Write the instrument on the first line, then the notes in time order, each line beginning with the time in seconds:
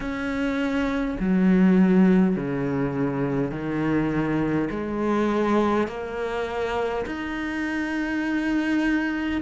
cello
0.00 C#4
1.19 F#3
2.35 C#3
3.51 D#3
4.70 G#3
5.87 A#3
7.06 D#4